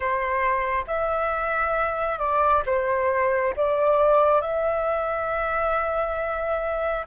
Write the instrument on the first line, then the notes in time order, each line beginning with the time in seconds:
flute
0.00 C5
0.87 E5
2.18 D5
2.66 C5
3.56 D5
4.41 E5